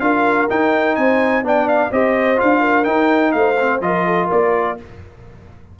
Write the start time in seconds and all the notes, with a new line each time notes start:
0.00 D4 F4 A#4 F5
0.50 D#4 G5
0.96 C4 C5 G#5
1.43 B3 D4 D5 G5
1.68 F5
1.92 C4 G4 C5 D#5
2.37 D4 F4 F5
2.60 A#4
2.84 D#4 G5
3.32 A3 C5 F5
3.60 C4
3.81 F3 F4 A#4 D#5
4.06 A4
4.27 A#3 A#4 D5